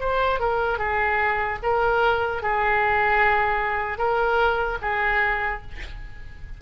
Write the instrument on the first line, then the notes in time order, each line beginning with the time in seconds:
oboe
0.00 C5
0.39 A#4
0.79 G#4
1.63 A#4
2.42 G#4
3.98 A#4
4.81 G#4